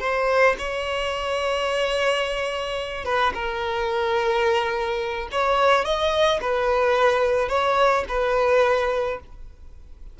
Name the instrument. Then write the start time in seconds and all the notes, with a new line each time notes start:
violin
0.00 C5
0.58 C#5
3.05 B4
3.34 A#4
5.32 C#5
5.85 D#5
6.41 B4
7.49 C#5
8.09 B4